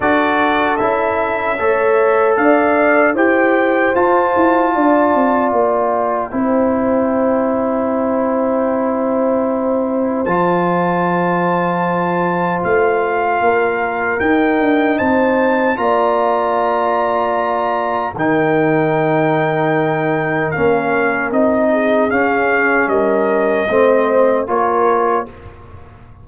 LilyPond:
<<
  \new Staff \with { instrumentName = "trumpet" } { \time 4/4 \tempo 4 = 76 d''4 e''2 f''4 | g''4 a''2 g''4~ | g''1~ | g''4 a''2. |
f''2 g''4 a''4 | ais''2. g''4~ | g''2 f''4 dis''4 | f''4 dis''2 cis''4 | }
  \new Staff \with { instrumentName = "horn" } { \time 4/4 a'2 cis''4 d''4 | c''2 d''2 | c''1~ | c''1~ |
c''4 ais'2 c''4 | d''2. ais'4~ | ais'2.~ ais'8 gis'8~ | gis'4 ais'4 c''4 ais'4 | }
  \new Staff \with { instrumentName = "trombone" } { \time 4/4 fis'4 e'4 a'2 | g'4 f'2. | e'1~ | e'4 f'2.~ |
f'2 dis'2 | f'2. dis'4~ | dis'2 cis'4 dis'4 | cis'2 c'4 f'4 | }
  \new Staff \with { instrumentName = "tuba" } { \time 4/4 d'4 cis'4 a4 d'4 | e'4 f'8 e'8 d'8 c'8 ais4 | c'1~ | c'4 f2. |
a4 ais4 dis'8 d'8 c'4 | ais2. dis4~ | dis2 ais4 c'4 | cis'4 g4 a4 ais4 | }
>>